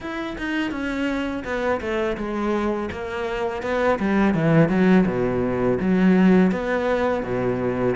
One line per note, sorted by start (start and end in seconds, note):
0.00 0.36 E4
0.37 0.71 D#4
0.71 1.43 C#4
1.44 1.80 B3
1.80 2.17 A3
2.17 2.89 G#3
2.91 3.62 A#3
3.62 3.98 B3
3.99 4.34 G3
4.34 4.69 E3
4.69 5.05 F#3
5.06 5.78 B2
5.80 6.51 F#3
6.51 7.23 B3
7.23 7.95 B2